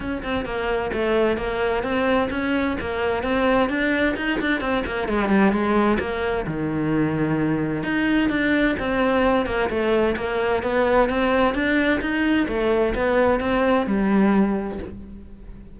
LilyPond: \new Staff \with { instrumentName = "cello" } { \time 4/4 \tempo 4 = 130 cis'8 c'8 ais4 a4 ais4 | c'4 cis'4 ais4 c'4 | d'4 dis'8 d'8 c'8 ais8 gis8 g8 | gis4 ais4 dis2~ |
dis4 dis'4 d'4 c'4~ | c'8 ais8 a4 ais4 b4 | c'4 d'4 dis'4 a4 | b4 c'4 g2 | }